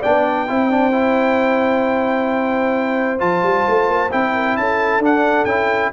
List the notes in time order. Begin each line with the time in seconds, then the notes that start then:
0.00 B3 D4 D5 G5
0.48 C4 E4 C5
0.71 D4
0.92 E4
3.19 F3 F4 A5
3.43 G3
3.68 A3
3.89 A#3
4.12 C4 E4 G5
4.34 A#4
4.57 C#4 A4 A5
4.99 D4 F#5
5.45 C#4 E4 G5